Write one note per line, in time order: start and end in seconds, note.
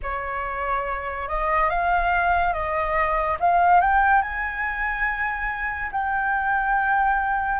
0.02 1.28 C#5
1.28 1.69 D#5
1.69 2.53 F5
2.53 3.37 D#5
3.40 3.80 F5
3.80 4.21 G5
4.21 5.90 G#5
5.91 7.60 G5